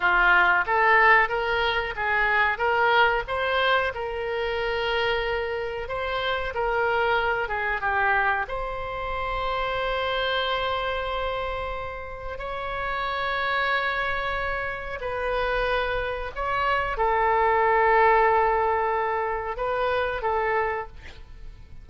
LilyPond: \new Staff \with { instrumentName = "oboe" } { \time 4/4 \tempo 4 = 92 f'4 a'4 ais'4 gis'4 | ais'4 c''4 ais'2~ | ais'4 c''4 ais'4. gis'8 | g'4 c''2.~ |
c''2. cis''4~ | cis''2. b'4~ | b'4 cis''4 a'2~ | a'2 b'4 a'4 | }